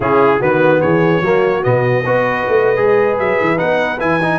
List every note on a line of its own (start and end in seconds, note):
0.00 0.40 C#3
0.00 0.40 C#4
0.00 0.39 E4
0.00 0.42 G#4
0.39 0.82 D#3
0.39 1.22 B3
0.39 0.80 F#4
0.39 0.81 B4
0.81 1.21 E3
0.81 1.21 G#4
0.81 1.63 C#5
1.21 1.62 F#3
1.21 1.63 A#3
1.21 2.04 F#4
1.63 2.04 B2
1.63 2.04 B3
1.63 3.17 D#5
2.04 2.45 B3
2.04 2.76 F#4
2.04 4.39 B4
2.47 2.77 A3
2.76 3.18 G#3
2.76 3.57 G#4
3.18 3.38 F#3
3.18 3.58 E5
3.40 3.61 E3
3.57 4.00 B3
3.57 3.98 D#4
3.57 3.99 F#5
3.99 4.39 E3
3.99 4.20 E4
3.99 4.39 G#5
4.22 4.39 D#4